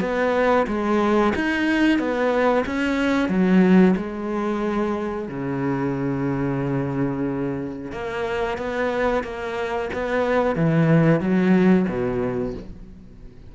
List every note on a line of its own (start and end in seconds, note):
0.00 0.66 B3
0.67 1.33 G#3
1.35 1.98 D#4
1.98 2.64 B3
2.66 3.28 C#4
3.28 3.94 F#3
3.96 5.28 G#3
5.28 7.92 C#3
7.92 8.57 A#3
8.57 9.23 B3
9.23 9.89 A#3
9.93 10.55 B3
10.55 11.20 E3
11.20 11.86 F#3
11.88 12.54 B2